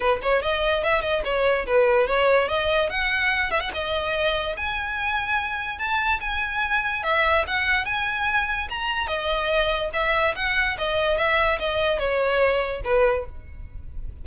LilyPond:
\new Staff \with { instrumentName = "violin" } { \time 4/4 \tempo 4 = 145 b'8 cis''8 dis''4 e''8 dis''8 cis''4 | b'4 cis''4 dis''4 fis''4~ | fis''8 e''16 fis''16 dis''2 gis''4~ | gis''2 a''4 gis''4~ |
gis''4 e''4 fis''4 gis''4~ | gis''4 ais''4 dis''2 | e''4 fis''4 dis''4 e''4 | dis''4 cis''2 b'4 | }